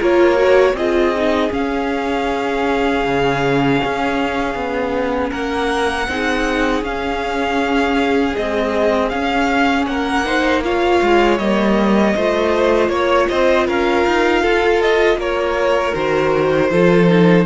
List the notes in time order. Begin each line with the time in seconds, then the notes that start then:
0.00 A#3 F4 A#4 C#5
0.36 F#4
0.74 C4 F4 G#4 D#5
1.16 D#4
1.51 C#4 F5
3.05 C#3
3.85 C#4
4.55 B3
5.31 A#3 A#4 F#5
6.08 C4 D#4 G#4
6.83 C#4 F5
8.34 G#3 C4 D#5
9.10 C#4 F5
9.87 A#3 A#4 F#5
10.26 D#4 C5
10.64 F4 C#5 F5
11.02 G#3
11.38 G3 A#3 D#5
12.16 A3 F4 C5
12.89 A#3 C#5
13.29 C4 C5 D#5
13.68 C#4 A#4 F5
14.07 D#4
14.42 F4 A4
14.82 D#5
15.17 A#3 A#4 C#5
15.95 D#3 F#4 C5
16.72 F3 F4 A4
17.08 D#4